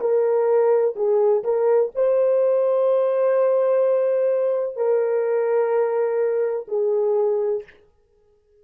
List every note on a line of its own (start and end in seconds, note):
0.00 0.95 A#4
0.96 1.44 G#4
1.44 1.92 A#4
1.95 4.77 C5
4.77 6.67 A#4
6.68 7.63 G#4